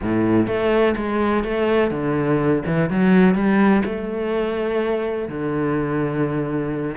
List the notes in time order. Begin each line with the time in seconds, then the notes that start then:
0.02 A2
0.47 A3
0.96 G#3
1.44 A3
1.90 D3
2.65 E3
2.90 F#3
3.34 G3
3.85 A3
5.28 D3